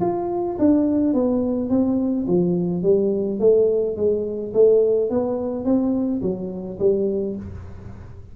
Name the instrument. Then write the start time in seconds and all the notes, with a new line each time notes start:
tuba
0.00 F4
0.58 D4
1.13 B3
1.69 C4
2.27 F3
2.83 G3
3.39 A3
3.96 G#3
4.53 A3
5.10 B3
5.64 C4
6.21 F#3
6.79 G3